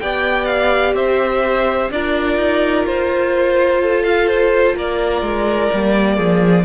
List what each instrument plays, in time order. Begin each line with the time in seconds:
0.00 cello B3, viola G4, violin D5 G5
0.45 violin F5
0.93 cello C4, violin C5 E5
1.90 cello D4, viola F4, violin A#4 D5
2.37 cello D#4
2.85 cello F4, violin C5
3.81 violin A4
4.03 violin F5
4.27 violin C5
4.76 cello A#3, violin A#4 D5
5.21 cello G#3
5.73 cello G3, viola A#3
6.16 cello F3, violin G#4